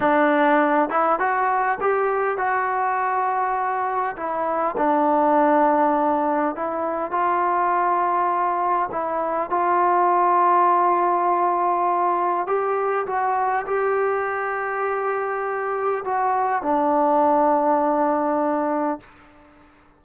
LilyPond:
\new Staff \with { instrumentName = "trombone" } { \time 4/4 \tempo 4 = 101 d'4. e'8 fis'4 g'4 | fis'2. e'4 | d'2. e'4 | f'2. e'4 |
f'1~ | f'4 g'4 fis'4 g'4~ | g'2. fis'4 | d'1 | }